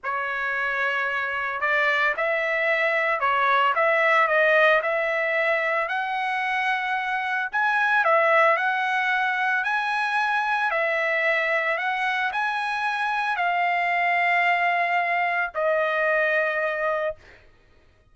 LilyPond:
\new Staff \with { instrumentName = "trumpet" } { \time 4/4 \tempo 4 = 112 cis''2. d''4 | e''2 cis''4 e''4 | dis''4 e''2 fis''4~ | fis''2 gis''4 e''4 |
fis''2 gis''2 | e''2 fis''4 gis''4~ | gis''4 f''2.~ | f''4 dis''2. | }